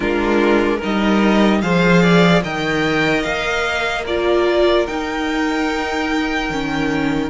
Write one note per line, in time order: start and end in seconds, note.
0.00 0.80 G#3
0.00 0.81 D4
0.00 0.76 F4
0.00 0.80 A#4
0.76 1.62 D#4
0.76 1.57 A#4
0.83 1.62 G3
0.83 1.61 D#5
1.61 2.43 F3
1.61 2.43 G#4
1.61 2.02 C5
1.61 2.42 F5
2.02 2.42 D5
2.43 3.25 D#3
2.43 4.06 A#4
2.43 4.05 D#5
2.43 3.22 G5
3.22 4.87 A#3
3.22 4.03 F5
4.06 4.87 F4
4.06 7.30 A#4
4.06 4.86 D5
4.86 6.49 D#4
4.86 7.30 G5
6.49 7.30 D#3
6.49 7.30 C#4